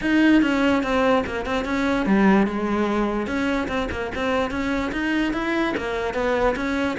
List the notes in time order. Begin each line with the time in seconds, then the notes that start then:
0.01 D#4
0.41 C#4
0.83 C4
1.26 A#3
1.45 C4
1.64 C#4
2.06 G3
2.46 G#3
3.26 C#4
3.68 C4
3.91 A#3
4.15 C4
4.50 C#4
4.92 D#4
5.33 E4
5.77 A#3
6.14 B3
6.55 C#4